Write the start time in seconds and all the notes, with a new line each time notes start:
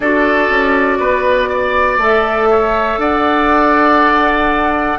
0.00 D4 F#4 A4 D5
0.49 C#4
0.99 B3 B4
1.49 D5
1.97 A3 A4 E5
2.50 C#5
2.97 D4 D5 F#5